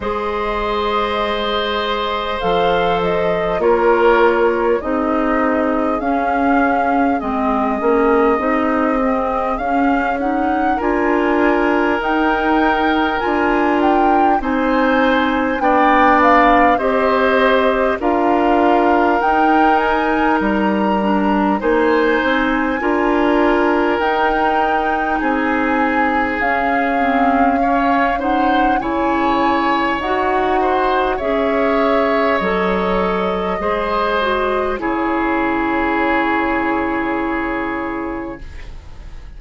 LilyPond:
<<
  \new Staff \with { instrumentName = "flute" } { \time 4/4 \tempo 4 = 50 dis''2 f''8 dis''8 cis''4 | dis''4 f''4 dis''2 | f''8 fis''8 gis''4 g''4 gis''8 g''8 | gis''4 g''8 f''8 dis''4 f''4 |
g''8 gis''8 ais''4 gis''2 | g''4 gis''4 f''4. fis''8 | gis''4 fis''4 e''4 dis''4~ | dis''4 cis''2. | }
  \new Staff \with { instrumentName = "oboe" } { \time 4/4 c''2. ais'4 | gis'1~ | gis'4 ais'2. | c''4 d''4 c''4 ais'4~ |
ais'2 c''4 ais'4~ | ais'4 gis'2 cis''8 c''8 | cis''4. c''8 cis''2 | c''4 gis'2. | }
  \new Staff \with { instrumentName = "clarinet" } { \time 4/4 gis'2 a'4 f'4 | dis'4 cis'4 c'8 cis'8 dis'8 c'8 | cis'8 dis'8 f'4 dis'4 f'4 | dis'4 d'4 g'4 f'4 |
dis'4. d'8 dis'4 f'4 | dis'2 cis'8 c'8 cis'8 dis'8 | e'4 fis'4 gis'4 a'4 | gis'8 fis'8 e'2. | }
  \new Staff \with { instrumentName = "bassoon" } { \time 4/4 gis2 f4 ais4 | c'4 cis'4 gis8 ais8 c'4 | cis'4 d'4 dis'4 d'4 | c'4 b4 c'4 d'4 |
dis'4 g4 ais8 c'8 d'4 | dis'4 c'4 cis'2 | cis4 dis'4 cis'4 fis4 | gis4 cis2. | }
>>